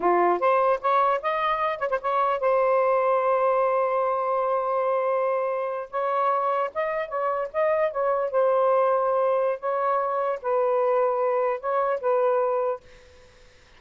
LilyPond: \new Staff \with { instrumentName = "saxophone" } { \time 4/4 \tempo 4 = 150 f'4 c''4 cis''4 dis''4~ | dis''8 cis''16 c''16 cis''4 c''2~ | c''1~ | c''2~ c''8. cis''4~ cis''16~ |
cis''8. dis''4 cis''4 dis''4 cis''16~ | cis''8. c''2.~ c''16 | cis''2 b'2~ | b'4 cis''4 b'2 | }